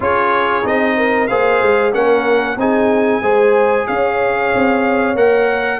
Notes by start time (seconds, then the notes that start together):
0.00 C#4 F4 G#4 C#5
0.63 C4 D#4 D#5
0.96 A#4
1.27 A#3 G#4 C5 F5
1.62 G#3
1.92 A#3 C#4 A#4 F#5
2.56 C4 D#4 G#4 G#5
3.22 G#3 G#4 C5
3.87 C#4 C#5 F5
4.54 C4
5.15 A#3 A#4 F#5